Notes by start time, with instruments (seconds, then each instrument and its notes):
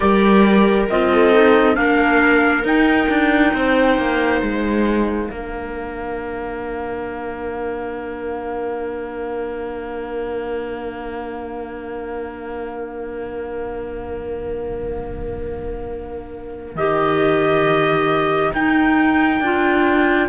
0.00 cello G3, clarinet G4, viola A#4, trumpet D5
0.90 cello C4, clarinet F4, trumpet D#5
1.11 viola A4
1.33 clarinet D#4
1.74 cello A#3, clarinet D4, viola A#4, trumpet F5
2.64 cello D#4, clarinet D#4, trumpet G5
3.09 cello D4
3.53 cello C4, viola C5
3.97 cello A#3
4.41 cello G#3, trumpet F5
5.28 cello A#3, clarinet D4, viola A#4
16.75 cello D#3, clarinet G4, trumpet D#5
18.53 cello D#4, clarinet D#4, trumpet G5
19.40 cello D4, clarinet F4